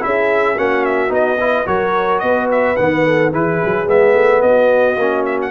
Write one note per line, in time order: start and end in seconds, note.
0.00 0.57 C#4
0.00 0.55 E4
0.00 0.57 G#4
0.00 0.58 E5
0.57 1.10 A#3
0.57 1.09 C#4
0.57 1.39 F#4
0.57 0.85 F#5
0.85 1.12 E5
1.09 1.65 B3
1.09 1.36 D#4
1.09 1.67 D#5
1.40 1.66 E4
1.40 1.67 B4
1.66 2.22 F#3
1.66 2.76 F#4
1.66 2.22 A#4
1.66 2.19 C#5
2.19 2.77 B3
2.19 2.47 D#5
2.25 3.06 B4
2.51 2.76 E5
2.76 3.33 D#3
2.76 3.33 B3
2.76 3.31 F#5
3.06 3.32 A4
3.32 3.61 E3
3.32 3.86 E4
3.32 4.42 G#4
3.32 3.89 B4
3.64 3.87 F#3
3.86 4.14 G#3
3.86 4.96 B3
3.86 4.42 E5
4.14 4.42 A3
4.42 4.97 B3
4.42 5.51 F#4
4.42 5.25 D#5
4.97 5.51 A#3
4.97 5.51 C#4
5.25 5.39 E5
5.42 5.51 F#5